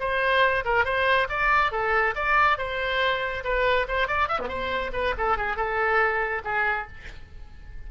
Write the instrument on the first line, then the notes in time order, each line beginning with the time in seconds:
oboe
0.00 C5
0.65 A#4
0.85 C5
1.29 D5
1.72 A4
2.15 D5
2.58 C5
3.44 B4
3.88 C5
4.08 D5
4.28 E5
4.39 B3
4.49 C5
4.93 B4
5.18 A4
5.37 G#4
5.56 A4
6.44 G#4